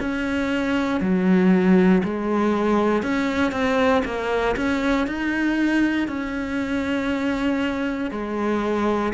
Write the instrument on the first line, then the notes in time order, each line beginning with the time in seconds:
cello
0.00 C#4
1.01 F#3
2.04 G#3
3.03 C#4
3.52 C4
4.05 A#3
4.56 C#4
5.07 D#4
6.08 C#4
8.11 G#3